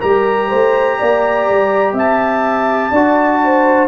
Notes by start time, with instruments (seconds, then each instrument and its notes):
0.00 tuba G3, trombone G4, horn A#4, trumpet A#5
0.48 tuba A3, horn C5
0.99 tuba A#3, horn D5
1.50 tuba G3
1.93 tuba C4, horn E5, trumpet A5
2.91 tuba D4, trombone F#4, horn D5
3.44 horn C5